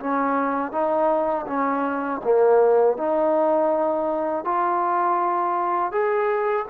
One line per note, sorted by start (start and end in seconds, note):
0.00 0.72 C#4
0.72 1.46 D#4
1.47 2.21 C#4
2.24 2.98 A#3
2.98 4.45 D#4
4.45 5.92 F4
5.92 6.66 G#4